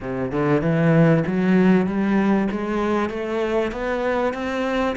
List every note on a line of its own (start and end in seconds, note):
0.01 0.31 C3
0.31 0.61 D3
0.61 1.23 E3
1.26 1.86 F#3
1.86 2.48 G3
2.51 3.09 G#3
3.09 3.71 A3
3.71 4.33 B3
4.33 4.95 C4